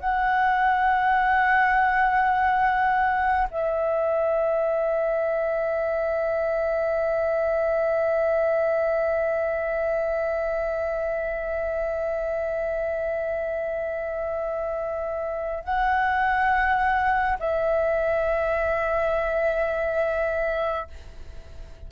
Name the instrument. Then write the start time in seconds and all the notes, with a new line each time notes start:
flute
0.00 F#5
3.51 E5
15.64 F#5
17.40 E5